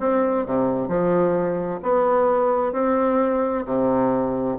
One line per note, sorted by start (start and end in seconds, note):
0.00 0.46 C4
0.46 0.88 C3
0.88 1.80 F3
1.83 2.73 B3
2.73 3.65 C4
3.65 4.58 C3